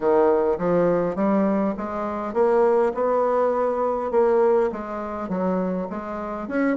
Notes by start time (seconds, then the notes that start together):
0.00 D#3
0.58 F3
1.15 G3
1.77 G#3
2.33 A#3
2.94 B3
4.11 A#3
4.72 G#3
5.28 F#3
5.90 G#3
6.48 C#4